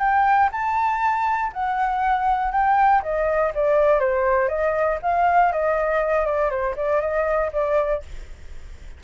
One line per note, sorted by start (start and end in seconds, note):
0.00 0.50 G5
0.52 1.52 A5
1.53 2.52 F#5
2.52 3.02 G5
3.03 3.53 D#5
3.55 4.00 D5
4.00 4.49 C5
4.49 4.99 D#5
5.03 5.52 F5
5.52 6.26 D#5
6.26 6.50 D5
6.50 6.75 C5
6.77 7.01 D5
7.01 7.51 D#5
7.53 8.03 D5